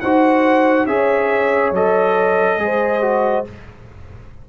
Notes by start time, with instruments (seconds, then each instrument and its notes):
0.00 tuba D#4, trombone F#4, horn C5, trumpet F#5
0.86 tuba C#4, trombone G#4, horn C#5, trumpet E5
1.71 tuba F#3, trombone A4, trumpet D#5
2.57 tuba G#3, trombone G#4
2.63 horn C5
3.01 trombone F#4